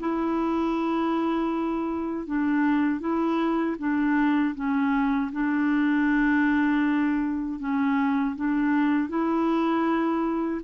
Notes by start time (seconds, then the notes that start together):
0.00 E4
2.27 D4
3.00 E4
3.79 D4
4.55 C#4
5.32 D4
7.59 C#4
8.36 D4
9.09 E4